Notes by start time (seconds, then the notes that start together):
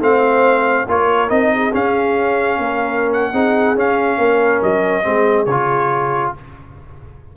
0.00 A3 C4 C5 F5
0.88 A#3 F4 A#4 C#5
1.29 C4 D#4 D#5
1.54 G#4
1.73 C#4 F5
2.59 A#3 A#4
3.13 F#5
3.32 C4 D#4 G#4
3.75 C#4 F5
4.18 A#3 A#4
4.63 F#3 D#5
5.03 G#3 C4 G#4
5.46 C#3 F4 C#5